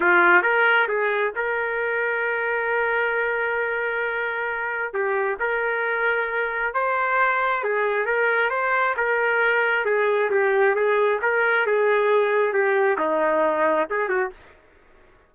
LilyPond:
\new Staff \with { instrumentName = "trumpet" } { \time 4/4 \tempo 4 = 134 f'4 ais'4 gis'4 ais'4~ | ais'1~ | ais'2. g'4 | ais'2. c''4~ |
c''4 gis'4 ais'4 c''4 | ais'2 gis'4 g'4 | gis'4 ais'4 gis'2 | g'4 dis'2 gis'8 fis'8 | }